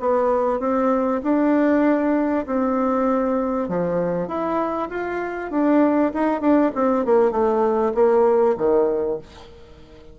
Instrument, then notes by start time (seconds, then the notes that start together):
bassoon
0.00 B3
0.60 C4
1.23 D4
2.46 C4
3.68 F3
4.28 E4
4.90 F4
5.51 D4
6.14 D#4
6.41 D4
6.75 C4
7.05 A#3
7.31 A3
7.94 A#3
8.58 D#3